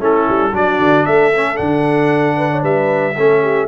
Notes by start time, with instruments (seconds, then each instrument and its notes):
0.00 tuba A3, trombone C#4, horn E4, trumpet A4
0.29 tuba G3
0.53 tuba F#3, trombone D4, horn F#4, trumpet D5
0.79 tuba D3
1.06 tuba A3, horn A4, trumpet E5
1.36 trombone C#4
1.56 tuba D3, trombone D4, trumpet F#5
2.37 horn B4
2.52 horn C#5
2.63 tuba G3, horn B4, trumpet E5
3.17 tuba A3, trombone C#4, horn A4
3.43 horn G4